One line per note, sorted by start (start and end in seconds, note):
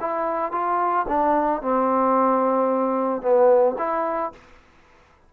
0.00 0.52 E4
0.52 1.06 F4
1.08 1.62 D4
1.62 3.22 C4
3.22 3.76 B3
3.78 4.32 E4